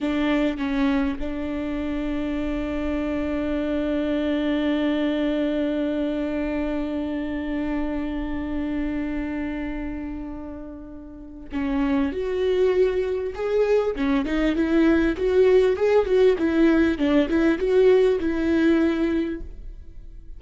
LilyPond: \new Staff \with { instrumentName = "viola" } { \time 4/4 \tempo 4 = 99 d'4 cis'4 d'2~ | d'1~ | d'1~ | d'1~ |
d'2. cis'4 | fis'2 gis'4 cis'8 dis'8 | e'4 fis'4 gis'8 fis'8 e'4 | d'8 e'8 fis'4 e'2 | }